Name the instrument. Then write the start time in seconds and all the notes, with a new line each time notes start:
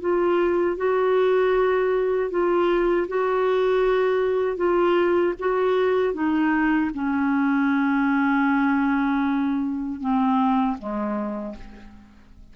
clarinet
0.00 F4
0.76 F#4
2.30 F4
3.08 F#4
4.56 F4
5.38 F#4
6.13 D#4
6.94 C#4
10.00 C4
10.78 G#3